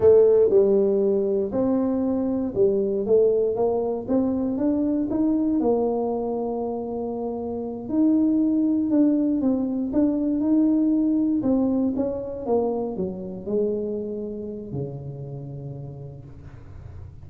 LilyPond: \new Staff \with { instrumentName = "tuba" } { \time 4/4 \tempo 4 = 118 a4 g2 c'4~ | c'4 g4 a4 ais4 | c'4 d'4 dis'4 ais4~ | ais2.~ ais8 dis'8~ |
dis'4. d'4 c'4 d'8~ | d'8 dis'2 c'4 cis'8~ | cis'8 ais4 fis4 gis4.~ | gis4 cis2. | }